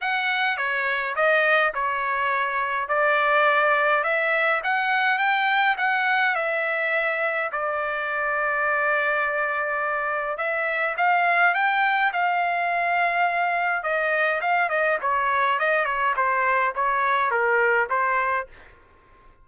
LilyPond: \new Staff \with { instrumentName = "trumpet" } { \time 4/4 \tempo 4 = 104 fis''4 cis''4 dis''4 cis''4~ | cis''4 d''2 e''4 | fis''4 g''4 fis''4 e''4~ | e''4 d''2.~ |
d''2 e''4 f''4 | g''4 f''2. | dis''4 f''8 dis''8 cis''4 dis''8 cis''8 | c''4 cis''4 ais'4 c''4 | }